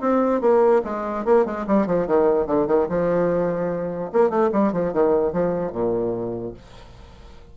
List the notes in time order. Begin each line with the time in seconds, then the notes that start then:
0.00 C4
0.40 A#3
0.84 G#3
1.24 A#3
1.45 G#3
1.66 G3
1.86 F3
2.07 D#3
2.46 D3
2.66 D#3
2.88 F3
4.12 A#3
4.29 A3
4.52 G3
4.72 F3
4.92 D#3
5.32 F3
5.72 A#2